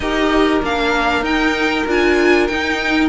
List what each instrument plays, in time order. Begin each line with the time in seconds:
0.00 cello D#4, viola G4, violin A#4 D#5
0.62 cello A#3, viola D4, violin F5
1.21 cello D#4, viola D#4, violin G5
1.86 cello D4, viola F4, violin G#5
2.47 viola D#4, cello D#4, violin G5